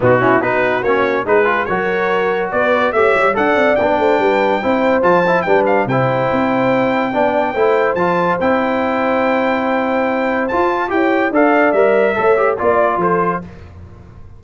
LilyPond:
<<
  \new Staff \with { instrumentName = "trumpet" } { \time 4/4 \tempo 4 = 143 fis'4 b'4 cis''4 b'4 | cis''2 d''4 e''4 | fis''4 g''2. | a''4 g''8 f''8 g''2~ |
g''2. a''4 | g''1~ | g''4 a''4 g''4 f''4 | e''2 d''4 c''4 | }
  \new Staff \with { instrumentName = "horn" } { \time 4/4 dis'8 e'8 fis'2 gis'4 | ais'2 b'4 cis''4 | d''4. c''8 b'4 c''4~ | c''4 b'4 c''2~ |
c''4 d''4 c''2~ | c''1~ | c''2 cis''4 d''4~ | d''4 cis''4 d''4 a'4 | }
  \new Staff \with { instrumentName = "trombone" } { \time 4/4 b8 cis'8 dis'4 cis'4 dis'8 f'8 | fis'2. g'4 | a'4 d'2 e'4 | f'8 e'8 d'4 e'2~ |
e'4 d'4 e'4 f'4 | e'1~ | e'4 f'4 g'4 a'4 | ais'4 a'8 g'8 f'2 | }
  \new Staff \with { instrumentName = "tuba" } { \time 4/4 b,4 b4 ais4 gis4 | fis2 b4 a8 g8 | d'8 c'8 b8 a8 g4 c'4 | f4 g4 c4 c'4~ |
c'4 b4 a4 f4 | c'1~ | c'4 f'4 e'4 d'4 | g4 a4 ais4 f4 | }
>>